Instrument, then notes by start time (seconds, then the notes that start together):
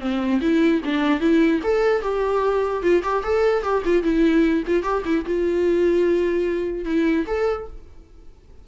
viola
0.00 C4
0.41 E4
0.85 D4
1.20 E4
1.63 A4
2.02 G4
2.83 F4
3.03 G4
3.23 A4
3.63 G4
3.85 F4
4.03 E4
4.67 F4
4.83 G4
5.05 E4
5.25 F4
6.85 E4
7.27 A4